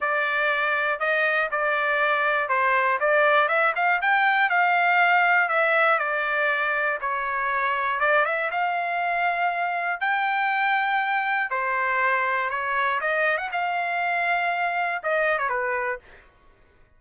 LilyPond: \new Staff \with { instrumentName = "trumpet" } { \time 4/4 \tempo 4 = 120 d''2 dis''4 d''4~ | d''4 c''4 d''4 e''8 f''8 | g''4 f''2 e''4 | d''2 cis''2 |
d''8 e''8 f''2. | g''2. c''4~ | c''4 cis''4 dis''8. fis''16 f''4~ | f''2 dis''8. cis''16 b'4 | }